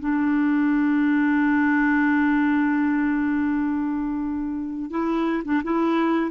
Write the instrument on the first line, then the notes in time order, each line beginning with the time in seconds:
clarinet
0.00 D4
4.91 E4
5.45 D4
5.64 E4